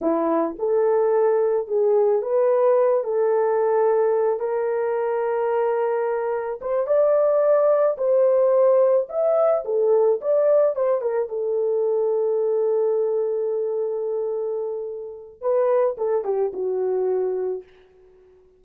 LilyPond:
\new Staff \with { instrumentName = "horn" } { \time 4/4 \tempo 4 = 109 e'4 a'2 gis'4 | b'4. a'2~ a'8 | ais'1 | c''8 d''2 c''4.~ |
c''8 e''4 a'4 d''4 c''8 | ais'8 a'2.~ a'8~ | a'1 | b'4 a'8 g'8 fis'2 | }